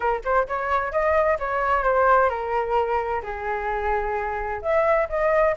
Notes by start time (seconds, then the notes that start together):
0.00 A#4
0.24 C5
0.47 C#5
0.91 D#5
1.39 C#5
1.83 C5
2.29 A#4
3.22 G#4
4.62 E5
5.09 D#5